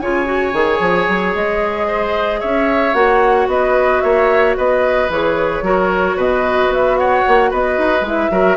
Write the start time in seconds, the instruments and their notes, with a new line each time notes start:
0.00 bassoon C#3, clarinet F4, oboe C#5, flute G#5
0.26 clarinet F#4
0.53 bassoon D#3, clarinet G#4
0.81 bassoon F3
1.09 bassoon F#3
1.35 bassoon G#3, flute D#5
1.88 oboe C5
2.41 bassoon C#4, oboe C#5, flute E5
2.94 bassoon A#3, clarinet F#4, flute F#5
3.48 bassoon B3, oboe B4, flute D#5
4.01 bassoon A#3, oboe C#5, flute E5
4.57 bassoon B3, oboe B4, flute D#5
5.10 bassoon E3, clarinet G#4, flute C#5
5.62 bassoon F#3, clarinet F#4, oboe A#4
6.17 bassoon B2, oboe B4, flute D#5
6.69 bassoon B3, flute E5
6.98 oboe C#5, flute F#5
7.28 bassoon A#3
7.51 bassoon B3, oboe B4, flute D#5
7.79 bassoon D#4
8.02 bassoon G#3, clarinet E4
8.08 flute E5
8.31 bassoon F#3, clarinet F#4, oboe A#4